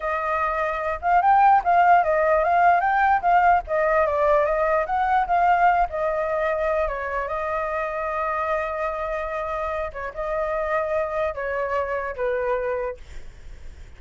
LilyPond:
\new Staff \with { instrumentName = "flute" } { \time 4/4 \tempo 4 = 148 dis''2~ dis''8 f''8 g''4 | f''4 dis''4 f''4 g''4 | f''4 dis''4 d''4 dis''4 | fis''4 f''4. dis''4.~ |
dis''4 cis''4 dis''2~ | dis''1~ | dis''8 cis''8 dis''2. | cis''2 b'2 | }